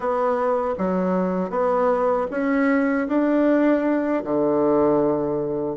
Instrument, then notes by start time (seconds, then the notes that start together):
bassoon
0.00 B3
0.78 F#3
1.50 B3
2.30 C#4
3.08 D4
4.24 D3